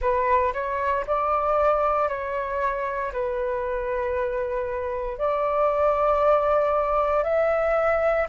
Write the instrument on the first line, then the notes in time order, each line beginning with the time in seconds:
flute
0.01 B4
0.53 C#5
1.06 D5
2.08 C#5
3.12 B4
5.18 D5
7.23 E5